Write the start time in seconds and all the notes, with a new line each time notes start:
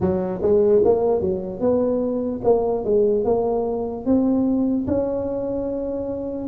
0.00 F#3
0.42 G#3
0.84 A#3
1.20 F#3
1.60 B3
2.44 A#3
2.84 G#3
3.24 A#3
4.05 C4
4.87 C#4